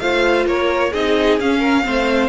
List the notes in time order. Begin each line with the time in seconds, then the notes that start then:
0.00 A3 F4 C5 F5
0.46 A#3 A#4 C#5
0.92 C4 D#4 G#4 D#5
1.40 C#4 F5
1.59 A#4
1.82 A3 C4 C5